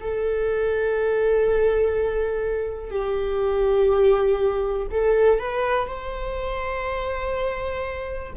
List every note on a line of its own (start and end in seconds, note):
0.00 2.90 A4
2.90 4.86 G4
4.90 5.39 A4
5.39 5.87 B4
5.87 8.33 C5